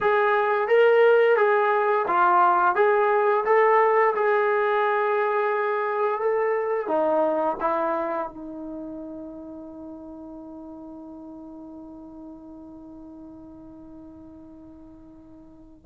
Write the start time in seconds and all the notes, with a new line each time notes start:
0.00 G#4
0.68 A#4
1.36 G#4
2.07 F4
2.75 G#4
3.45 A4
4.15 G#4
6.21 A4
6.87 D#4
7.60 E4
8.28 D#4